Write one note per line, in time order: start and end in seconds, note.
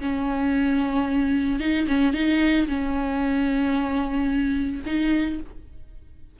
0.00 1.60 C#4
1.60 1.87 D#4
1.88 2.14 C#4
2.14 2.67 D#4
2.68 4.82 C#4
4.86 5.40 D#4